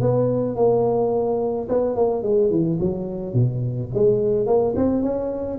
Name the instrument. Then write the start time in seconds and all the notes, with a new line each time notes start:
tuba
0.00 B3
0.56 A#3
1.68 B3
1.95 A#3
2.23 G#3
2.50 E3
2.80 F#3
3.33 B2
3.94 G#3
4.46 A#3
4.76 C4
5.02 C#4